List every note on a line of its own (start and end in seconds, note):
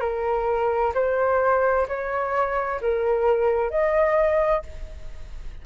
0.00 0.92 A#4
0.94 1.87 C5
1.88 2.80 C#5
2.81 3.70 A#4
3.70 4.62 D#5